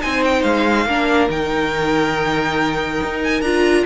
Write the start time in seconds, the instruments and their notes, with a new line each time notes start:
0.00 cello C4, viola D#4, violin C5 G#5
0.24 violin G5
0.43 cello G#3, violin F5
0.85 cello A#3, viola D4, violin A#4
1.29 cello D#3, viola D#4, violin G5
3.03 cello D#4
3.23 violin G#5
3.41 cello D4, viola F4, violin A#5